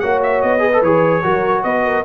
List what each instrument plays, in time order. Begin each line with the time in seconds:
0.00 tuba A#3, trombone F#4, horn C#5, trumpet F#5
0.23 trumpet E5
0.42 tuba B3, trumpet D#5
0.59 trombone G#4, horn B4
0.74 trombone A4
0.82 tuba E3, trombone G#4, trumpet C#5
1.23 tuba F#3, trombone F#4, horn A#4
1.64 tuba B3, horn B4, trumpet D#5
1.85 horn A#4